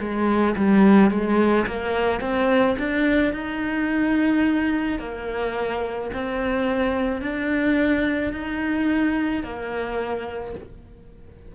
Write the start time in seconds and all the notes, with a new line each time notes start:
0.00 G#3
0.56 G3
1.11 G#3
1.67 A#3
2.21 C4
2.79 D4
3.33 D#4
4.99 A#3
6.13 C4
7.22 D4
8.33 D#4
9.43 A#3